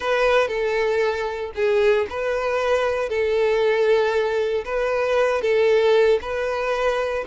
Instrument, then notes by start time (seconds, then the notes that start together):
violin
0.00 B4
0.48 A4
1.55 G#4
2.09 B4
3.09 A4
4.64 B4
5.41 A4
6.21 B4